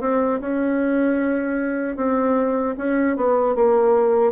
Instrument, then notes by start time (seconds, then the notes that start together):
bassoon
0.00 C4
0.40 C#4
1.96 C4
2.77 C#4
3.16 B3
3.55 A#3